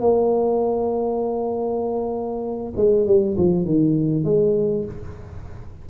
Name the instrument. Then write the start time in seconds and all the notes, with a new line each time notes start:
tuba
0.00 A#3
2.76 G#3
3.06 G3
3.37 F3
3.65 D#3
4.24 G#3